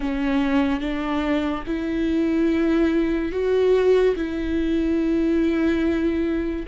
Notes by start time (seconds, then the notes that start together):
0.00 C#4
0.80 D4
1.66 E4
3.31 F#4
4.16 E4